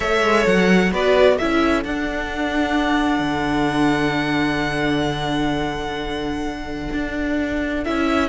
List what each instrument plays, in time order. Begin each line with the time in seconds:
0.00 cello A3, viola A4, violin C#5 E5
0.22 cello G#3
0.46 cello F#3, violin F#5
0.92 cello B3, viola F#4, violin B4 D5
1.36 cello C#4, viola E4, violin A4 E5
1.84 cello D4, viola D4, violin F#5
3.19 cello D3
6.93 cello D4
7.84 cello C#4, viola E4, violin E5